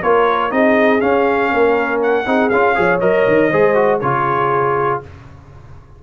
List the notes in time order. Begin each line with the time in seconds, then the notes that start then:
0.00 A#3 F4 A#4 C#5
0.50 C4 D#4 G#4 D#5
1.00 C#4 F5
1.51 A#3 A#4
2.02 F#5
2.25 C4 D#4 G#4
2.49 C#4 F4 F5
2.75 F3 G#4 C#5
3.00 F#3 A#4 D#5
3.27 D#3
3.51 G#3 G#4 C5
3.75 F#4
4.00 C#3 F4 G#4 C#5